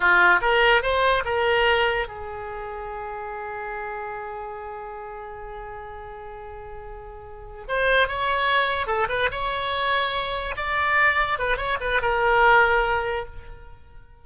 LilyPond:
\new Staff \with { instrumentName = "oboe" } { \time 4/4 \tempo 4 = 145 f'4 ais'4 c''4 ais'4~ | ais'4 gis'2.~ | gis'1~ | gis'1~ |
gis'2~ gis'8 c''4 cis''8~ | cis''4. a'8 b'8 cis''4.~ | cis''4. d''2 b'8 | cis''8 b'8 ais'2. | }